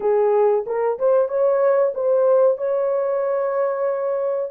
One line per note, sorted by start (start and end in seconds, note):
0.00 0.65 G#4
0.66 0.98 A#4
0.98 1.28 C5
1.28 1.92 C#5
1.94 2.57 C5
2.57 4.50 C#5